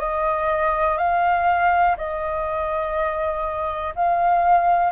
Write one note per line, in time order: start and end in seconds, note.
0.00 0.98 D#5
0.98 1.97 F5
1.98 3.94 D#5
3.96 4.93 F5